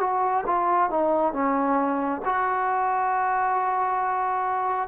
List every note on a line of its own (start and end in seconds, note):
0.00 0.44 F#4
0.46 0.90 F4
0.90 1.33 D#4
1.33 2.21 C#4
2.25 4.88 F#4